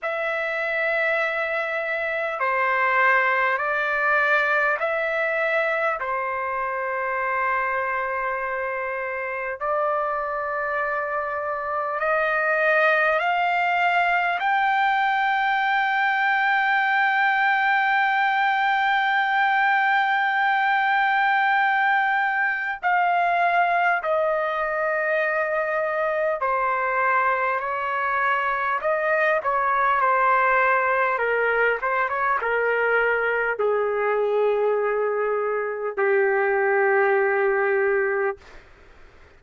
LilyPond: \new Staff \with { instrumentName = "trumpet" } { \time 4/4 \tempo 4 = 50 e''2 c''4 d''4 | e''4 c''2. | d''2 dis''4 f''4 | g''1~ |
g''2. f''4 | dis''2 c''4 cis''4 | dis''8 cis''8 c''4 ais'8 c''16 cis''16 ais'4 | gis'2 g'2 | }